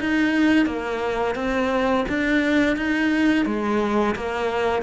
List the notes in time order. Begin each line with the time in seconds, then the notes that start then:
0.00 D#4
0.66 A#3
1.35 C4
2.09 D4
2.77 D#4
3.45 G#3
4.15 A#3